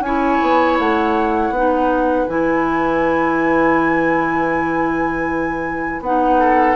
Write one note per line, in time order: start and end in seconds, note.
0.00 0.38 C#4
0.00 1.55 E4
0.00 1.54 C#5
0.00 0.77 G#5
0.41 0.79 B3
0.79 1.50 A3
0.79 2.26 F#5
1.50 2.25 B3
1.50 2.28 D#4
1.50 6.39 B4
2.26 6.00 E3
2.26 6.03 E4
2.26 6.01 G#5
6.00 6.75 B3
6.00 6.75 D#4
6.00 6.75 F#5
6.39 6.75 A4